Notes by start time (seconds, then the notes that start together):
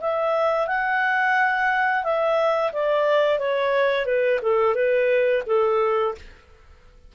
0.00 E5
0.67 F#5
2.03 E5
2.72 D5
3.38 C#5
4.05 B4
4.41 A4
4.74 B4
5.46 A4